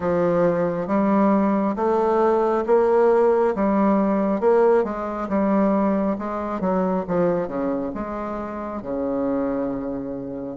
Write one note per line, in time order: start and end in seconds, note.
0.00 0.87 F3
0.87 1.75 G3
1.76 2.64 A3
2.66 3.55 A#3
3.55 4.40 G3
4.40 4.83 A#3
4.83 5.27 G#3
5.28 6.16 G3
6.18 6.60 G#3
6.60 7.04 F#3
7.07 7.47 F3
7.47 7.91 C#3
7.94 8.82 G#3
8.82 10.56 C#3